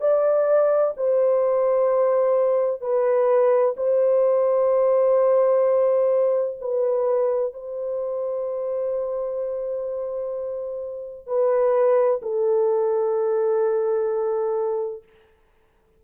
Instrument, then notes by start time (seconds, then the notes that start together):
horn
0.00 D5
0.96 C5
2.81 B4
3.77 C5
6.61 B4
7.53 C5
11.27 B4
12.22 A4